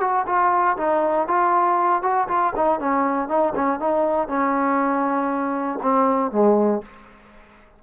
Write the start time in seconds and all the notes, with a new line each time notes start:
0.00 F#4
0.26 F4
0.77 D#4
1.27 F4
2.02 F#4
2.28 F4
2.56 D#4
2.80 C#4
3.28 D#4
3.55 C#4
3.79 D#4
4.28 C#4
5.82 C4
6.31 G#3